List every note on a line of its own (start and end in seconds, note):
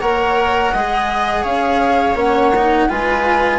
0.00 0.73 A#3
0.00 0.74 A#4
0.00 0.73 C#5
0.00 1.45 F#5
0.73 1.44 G#3
0.73 2.16 G#4
0.73 1.43 D#5
1.43 2.15 C#4
1.43 2.87 C#5
1.43 2.17 F5
2.15 2.87 A#3
2.15 2.52 C#4
2.15 2.90 F#5
2.56 2.89 D#4
2.89 3.59 G#3
2.89 3.59 F4
2.89 3.59 B4
2.89 3.59 G#5